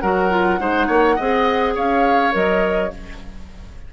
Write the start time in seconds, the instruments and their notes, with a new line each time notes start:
0.00 bassoon F#3, clarinet F#4, oboe A#4, flute F#5
0.30 clarinet F4
0.58 bassoon G#3, clarinet D#4, oboe C5
0.86 bassoon A#3, oboe C#5
1.15 bassoon C4, clarinet G#4, oboe D#5
1.74 bassoon C#4, oboe C#5, flute F5
2.31 bassoon F#3, clarinet A#4, flute D#5